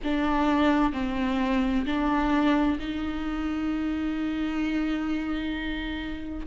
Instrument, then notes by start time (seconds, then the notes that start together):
viola
0.03 D4
0.92 C4
1.85 D4
2.79 D#4